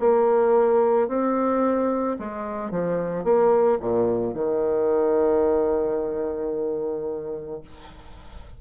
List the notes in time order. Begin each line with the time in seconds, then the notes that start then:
0.00 A#3
1.08 C4
2.19 G#3
2.71 F3
3.24 A#3
3.80 A#2
4.34 D#3